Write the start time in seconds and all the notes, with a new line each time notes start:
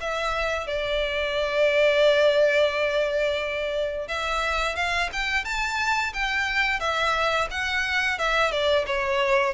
0.00 E5
0.67 D5
4.08 E5
4.76 F5
5.13 G5
5.45 A5
6.13 G5
6.80 E5
7.51 F#5
8.18 E5
8.51 D5
8.87 C#5